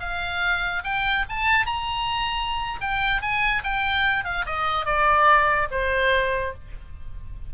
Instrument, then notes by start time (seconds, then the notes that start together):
oboe
0.00 F5
0.84 G5
1.29 A5
1.66 A#5
2.81 G5
3.22 G#5
3.64 G5
4.25 F5
4.46 D#5
4.86 D5
5.71 C5